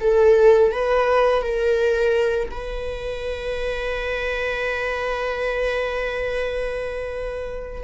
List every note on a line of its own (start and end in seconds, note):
0.00 0.72 A4
0.72 1.42 B4
1.42 2.49 A#4
2.50 7.83 B4